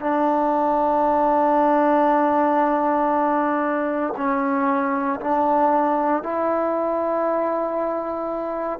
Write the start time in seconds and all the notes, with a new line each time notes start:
0.00 D4
4.16 C#4
5.20 D4
6.23 E4